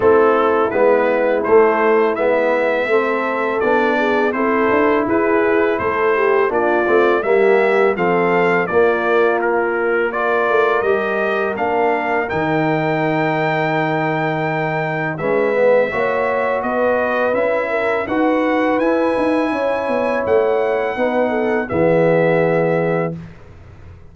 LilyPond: <<
  \new Staff \with { instrumentName = "trumpet" } { \time 4/4 \tempo 4 = 83 a'4 b'4 c''4 e''4~ | e''4 d''4 c''4 b'4 | c''4 d''4 e''4 f''4 | d''4 ais'4 d''4 dis''4 |
f''4 g''2.~ | g''4 e''2 dis''4 | e''4 fis''4 gis''2 | fis''2 e''2 | }
  \new Staff \with { instrumentName = "horn" } { \time 4/4 e'1 | a'4. gis'8 a'4 gis'4 | a'8 g'8 f'4 g'4 a'4 | f'2 ais'2~ |
ais'1~ | ais'4 b'4 cis''4 b'4~ | b'8 ais'8 b'2 cis''4~ | cis''4 b'8 a'8 gis'2 | }
  \new Staff \with { instrumentName = "trombone" } { \time 4/4 c'4 b4 a4 b4 | c'4 d'4 e'2~ | e'4 d'8 c'8 ais4 c'4 | ais2 f'4 g'4 |
d'4 dis'2.~ | dis'4 cis'8 b8 fis'2 | e'4 fis'4 e'2~ | e'4 dis'4 b2 | }
  \new Staff \with { instrumentName = "tuba" } { \time 4/4 a4 gis4 a4 gis4 | a4 b4 c'8 d'8 e'4 | a4 ais8 a8 g4 f4 | ais2~ ais8 a8 g4 |
ais4 dis2.~ | dis4 gis4 ais4 b4 | cis'4 dis'4 e'8 dis'8 cis'8 b8 | a4 b4 e2 | }
>>